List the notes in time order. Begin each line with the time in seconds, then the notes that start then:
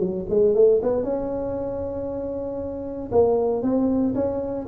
0.00 F#3
0.30 G#3
0.55 A3
0.83 B3
1.04 C#4
3.12 A#3
3.63 C4
4.15 C#4